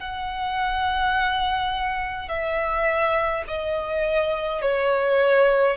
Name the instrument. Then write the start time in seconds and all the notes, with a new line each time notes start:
violin
0.00 F#5
2.29 E5
3.47 D#5
4.62 C#5